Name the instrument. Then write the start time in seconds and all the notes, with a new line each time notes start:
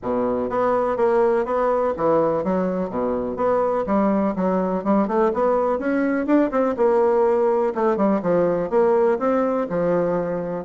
bassoon
0.02 B2
0.49 B3
0.97 A#3
1.45 B3
1.96 E3
2.44 F#3
2.89 B2
3.36 B3
3.86 G3
4.35 F#3
4.84 G3
5.07 A3
5.33 B3
5.78 C#4
6.26 D4
6.51 C4
6.76 A#3
7.75 A3
7.96 G3
8.22 F3
8.70 A#3
9.18 C4
9.69 F3